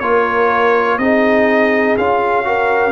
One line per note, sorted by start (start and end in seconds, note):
0.00 0.99 A#3
0.00 1.00 F4
0.00 1.01 A#4
0.00 0.98 C#5
0.99 1.97 C4
0.99 1.99 D#4
0.99 2.47 G#4
0.99 1.97 D#5
1.98 2.92 C#4
1.98 2.45 F4
1.98 2.92 F5
2.45 2.92 F#4
2.45 2.92 A#4